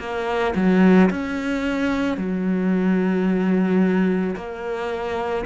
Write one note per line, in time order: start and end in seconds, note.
0.00 0.55 A#3
0.56 1.11 F#3
1.11 2.18 C#4
2.18 4.36 F#3
4.36 5.45 A#3